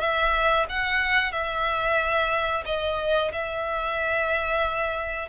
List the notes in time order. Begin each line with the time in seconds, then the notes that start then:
0.00 E5
0.69 F#5
1.32 E5
2.66 D#5
3.33 E5